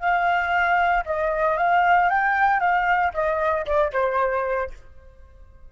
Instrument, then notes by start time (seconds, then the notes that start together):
flute
0.00 F5
1.06 D#5
1.58 F5
2.10 G5
2.61 F5
3.14 D#5
3.67 D5
3.93 C5